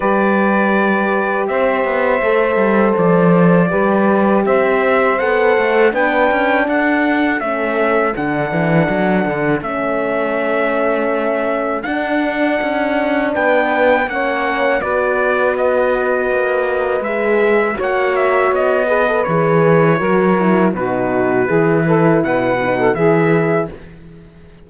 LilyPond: <<
  \new Staff \with { instrumentName = "trumpet" } { \time 4/4 \tempo 4 = 81 d''2 e''2 | d''2 e''4 fis''4 | g''4 fis''4 e''4 fis''4~ | fis''4 e''2. |
fis''2 g''4 fis''4 | d''4 dis''2 e''4 | fis''8 e''8 dis''4 cis''2 | b'2 fis''4 e''4 | }
  \new Staff \with { instrumentName = "saxophone" } { \time 4/4 b'2 c''2~ | c''4 b'4 c''2 | b'4 a'2.~ | a'1~ |
a'2 b'4 cis''4 | b'1 | cis''4. b'4. ais'4 | fis'4 gis'8 a'8 b'8. a'16 gis'4 | }
  \new Staff \with { instrumentName = "horn" } { \time 4/4 g'2. a'4~ | a'4 g'2 a'4 | d'2 cis'4 d'4~ | d'4 cis'2. |
d'2. cis'4 | fis'2. gis'4 | fis'4. gis'16 a'16 gis'4 fis'8 e'8 | dis'4 e'4. dis'8 e'4 | }
  \new Staff \with { instrumentName = "cello" } { \time 4/4 g2 c'8 b8 a8 g8 | f4 g4 c'4 b8 a8 | b8 cis'8 d'4 a4 d8 e8 | fis8 d8 a2. |
d'4 cis'4 b4 ais4 | b2 ais4 gis4 | ais4 b4 e4 fis4 | b,4 e4 b,4 e4 | }
>>